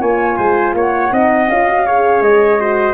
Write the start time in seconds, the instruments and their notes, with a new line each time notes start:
0.00 tuba A#3, horn F4, trumpet C#5, flute G#5
0.37 tuba G#3, trumpet C5
0.74 tuba A#3, trumpet C#5
0.80 flute F#5
1.11 tuba C4, horn D#4, trumpet D#5
1.48 tuba C#4, horn F4, flute F5
1.67 horn F#4
1.86 horn G#4, trumpet C#5
2.21 tuba G#3, flute D#5
2.59 horn F#4, trumpet C5